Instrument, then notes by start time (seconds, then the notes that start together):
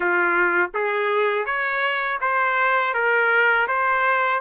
trumpet
0.00 F4
0.74 G#4
1.45 C#5
2.21 C5
2.94 A#4
3.68 C5